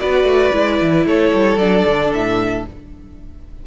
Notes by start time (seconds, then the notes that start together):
0.00 B3 F#4 B4 D5
0.24 A3
0.53 G#3 E4
0.82 E3
1.06 A3 A4 C#5
1.33 G3
1.58 F#3 D4 D5
1.86 D3
2.13 A2 E5